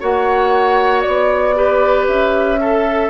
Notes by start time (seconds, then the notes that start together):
0.00 A#3 F#4 C#5 F#5
1.02 B3 D5
1.54 G4 B4
2.08 C#4 E5
2.60 A4